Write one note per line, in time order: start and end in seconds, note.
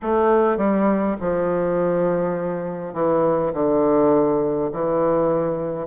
0.02 0.57 A3
0.57 1.16 G3
1.20 2.93 F3
2.93 3.52 E3
3.53 4.71 D3
4.72 5.86 E3